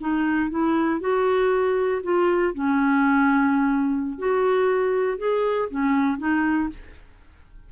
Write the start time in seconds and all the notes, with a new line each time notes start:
0.00 D#4
0.50 E4
1.00 F#4
2.03 F4
2.54 C#4
4.18 F#4
5.17 G#4
5.69 C#4
6.18 D#4